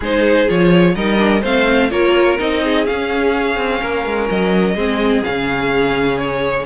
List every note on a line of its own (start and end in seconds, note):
0.00 0.49 G#3
0.00 0.47 D#4
0.00 0.93 G#4
0.00 0.48 C5
0.47 0.95 F3
0.47 0.95 F4
0.47 0.95 C#5
0.95 1.43 G3
0.95 1.17 D#4
0.95 1.41 A#4
0.95 1.42 D#5
1.17 1.40 D4
1.41 1.91 A3
1.41 1.89 C4
1.41 1.89 C5
1.41 1.90 F5
1.89 2.39 A#3
1.89 2.37 F4
1.89 2.63 A#4
1.89 2.38 C#5
2.38 2.88 C4
2.38 2.85 D#4
2.38 2.86 D#5
2.63 3.80 G#4
2.85 4.76 C#4
2.85 3.57 C#4
2.85 4.28 F5
3.57 3.80 C4
3.80 4.05 A#3
3.80 4.75 A#4
4.05 4.29 G#3
4.29 4.75 F#3
4.29 5.23 D#5
4.75 5.22 G#3
4.75 5.23 C4
4.75 6.65 G#4
5.23 6.65 C#3
5.23 6.65 C#4
5.23 6.18 F5
6.18 6.65 C#5